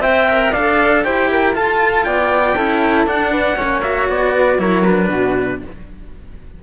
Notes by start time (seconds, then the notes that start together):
0.00 C4 C5 E5 G5
0.28 A#4
0.52 D4 A4 D5 F5
1.04 E4 G4 C5 G5
1.30 A#4
1.53 F4 A4 A5
2.04 B3 D5 G5
2.56 C#4 E4 A4
3.06 D4 F#5
3.31 B4
3.56 A#3 C#4 C#5
3.82 F#4 E5
4.09 B3 D5
4.35 B4
4.58 F#3 E4 A#4 C#5
4.85 D4 B4
5.09 B2 F#4